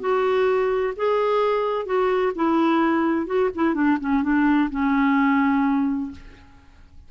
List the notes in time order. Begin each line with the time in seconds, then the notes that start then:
0.00 F#4
0.96 G#4
1.86 F#4
2.35 E4
3.26 F#4
3.55 E4
3.74 D4
4.00 C#4
4.23 D4
4.70 C#4